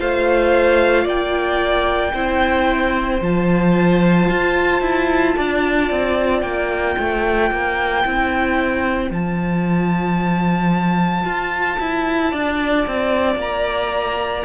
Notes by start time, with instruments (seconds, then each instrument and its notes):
0.00 cello A3, viola F4, violin C5 F5
1.04 cello A#3, violin D5 G5
2.14 cello C4, viola E4, violin C5
3.22 cello F3, viola F4, violin A5
4.30 cello F4
4.81 cello E4
5.37 cello D4, violin D5
5.91 cello C4
6.41 cello A#3, violin G5
6.97 cello A3, violin C5
7.51 cello A#3
8.03 cello C4, viola E4
9.10 cello F3, viola F4, violin A5
11.25 cello F4
11.80 cello E4
12.32 cello D4, violin D5
12.87 cello C4
13.36 cello A#3, violin A#5